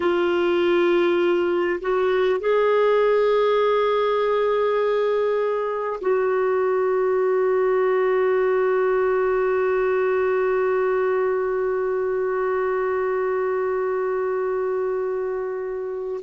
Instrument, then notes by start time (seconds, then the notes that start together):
clarinet
0.00 F4
1.80 F#4
2.40 G#4
6.00 F#4